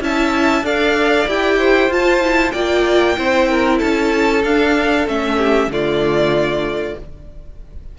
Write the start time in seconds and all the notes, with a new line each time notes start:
0.00 C#4 E4 E5 A5
0.62 D4 A4 D5 F5
1.27 E4 G4 G5
1.58 C5
1.89 F4 A5
2.20 E4
2.51 A#3 F4 D5 G5
3.16 C4 E4 C5
3.49 A#4
3.78 C#4 A4 A5
4.44 D4 F5
5.07 A3 C#4 E5
5.37 G4
5.67 D3 A3 F4 D5